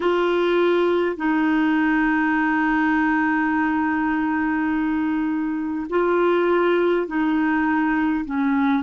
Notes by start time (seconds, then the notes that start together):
0.00 F4
1.16 D#4
5.89 F4
7.06 D#4
8.25 C#4